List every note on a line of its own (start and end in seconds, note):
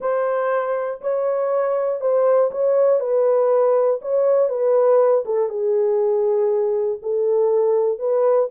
0.00 1.00 C5
1.01 2.00 C#5
2.00 2.50 C5
2.51 3.00 C#5
3.00 4.00 B4
4.01 4.49 C#5
4.49 5.24 B4
5.25 5.49 A4
5.49 6.99 G#4
7.02 7.98 A4
7.98 8.48 B4